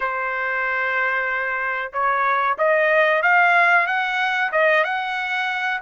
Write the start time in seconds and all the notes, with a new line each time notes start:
0.00 C5
1.92 C#5
2.58 D#5
3.22 F5
3.87 F#5
4.52 D#5
4.84 F#5